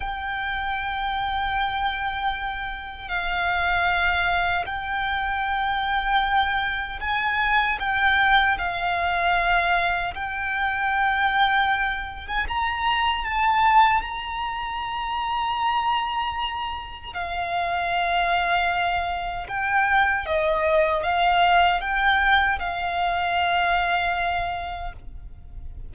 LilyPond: \new Staff \with { instrumentName = "violin" } { \time 4/4 \tempo 4 = 77 g''1 | f''2 g''2~ | g''4 gis''4 g''4 f''4~ | f''4 g''2~ g''8. gis''16 |
ais''4 a''4 ais''2~ | ais''2 f''2~ | f''4 g''4 dis''4 f''4 | g''4 f''2. | }